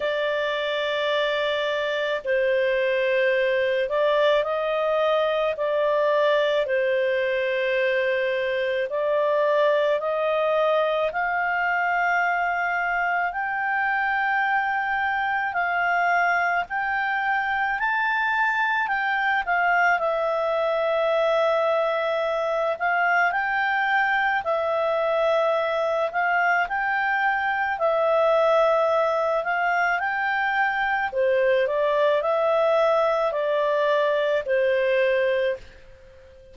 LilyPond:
\new Staff \with { instrumentName = "clarinet" } { \time 4/4 \tempo 4 = 54 d''2 c''4. d''8 | dis''4 d''4 c''2 | d''4 dis''4 f''2 | g''2 f''4 g''4 |
a''4 g''8 f''8 e''2~ | e''8 f''8 g''4 e''4. f''8 | g''4 e''4. f''8 g''4 | c''8 d''8 e''4 d''4 c''4 | }